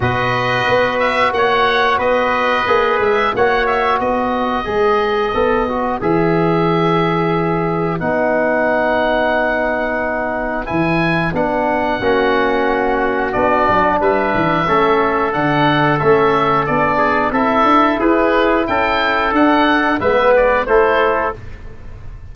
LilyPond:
<<
  \new Staff \with { instrumentName = "oboe" } { \time 4/4 \tempo 4 = 90 dis''4. e''8 fis''4 dis''4~ | dis''8 e''8 fis''8 e''8 dis''2~ | dis''4 e''2. | fis''1 |
gis''4 fis''2. | d''4 e''2 fis''4 | e''4 d''4 e''4 b'4 | g''4 fis''4 e''8 d''8 c''4 | }
  \new Staff \with { instrumentName = "trumpet" } { \time 4/4 b'2 cis''4 b'4~ | b'4 cis''4 b'2~ | b'1~ | b'1~ |
b'2 fis'2~ | fis'4 b'4 a'2~ | a'4. gis'8 a'4 gis'4 | a'2 b'4 a'4 | }
  \new Staff \with { instrumentName = "trombone" } { \time 4/4 fis'1 | gis'4 fis'2 gis'4 | a'8 fis'8 gis'2. | dis'1 |
e'4 d'4 cis'2 | d'2 cis'4 d'4 | cis'4 d'4 e'2~ | e'4 d'4 b4 e'4 | }
  \new Staff \with { instrumentName = "tuba" } { \time 4/4 b,4 b4 ais4 b4 | ais8 gis8 ais4 b4 gis4 | b4 e2. | b1 |
e4 b4 ais2 | b8 fis8 g8 e8 a4 d4 | a4 b4 c'8 d'8 e'4 | cis'4 d'4 gis4 a4 | }
>>